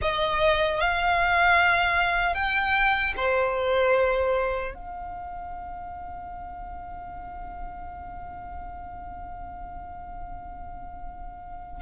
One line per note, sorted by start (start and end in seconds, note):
0.01 0.80 D#5
0.80 2.34 F5
2.34 3.13 G5
3.16 4.74 C5
4.74 11.82 F5